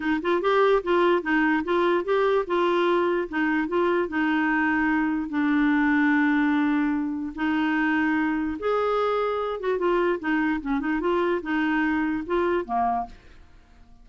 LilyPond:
\new Staff \with { instrumentName = "clarinet" } { \time 4/4 \tempo 4 = 147 dis'8 f'8 g'4 f'4 dis'4 | f'4 g'4 f'2 | dis'4 f'4 dis'2~ | dis'4 d'2.~ |
d'2 dis'2~ | dis'4 gis'2~ gis'8 fis'8 | f'4 dis'4 cis'8 dis'8 f'4 | dis'2 f'4 ais4 | }